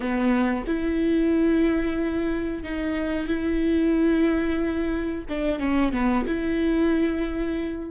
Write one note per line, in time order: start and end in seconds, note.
0.00 0.64 B3
0.66 2.63 E4
2.63 3.27 D#4
3.27 5.24 E4
5.28 5.59 D4
5.59 5.92 C#4
5.92 6.25 B3
6.26 7.90 E4